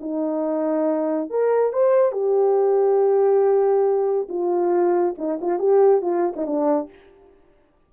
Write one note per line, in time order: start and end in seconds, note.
0.00 1.29 D#4
1.29 1.72 A#4
1.72 2.12 C5
2.12 4.28 G4
4.29 5.15 F4
5.18 5.39 D#4
5.41 5.58 F4
5.58 6.01 G4
6.01 6.33 F4
6.36 6.46 D#4
6.46 6.89 D4